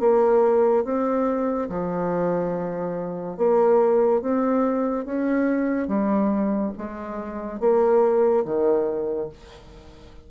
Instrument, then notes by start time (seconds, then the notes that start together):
bassoon
0.00 A#3
0.85 C4
1.69 F3
3.37 A#3
4.22 C4
5.06 C#4
5.88 G3
6.78 G#3
7.60 A#3
8.45 D#3